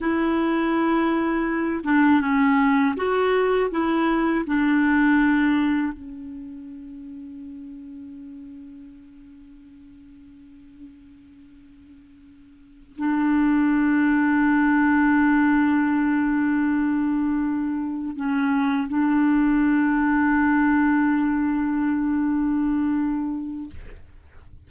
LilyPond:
\new Staff \with { instrumentName = "clarinet" } { \time 4/4 \tempo 4 = 81 e'2~ e'8 d'8 cis'4 | fis'4 e'4 d'2 | cis'1~ | cis'1~ |
cis'4. d'2~ d'8~ | d'1~ | d'8 cis'4 d'2~ d'8~ | d'1 | }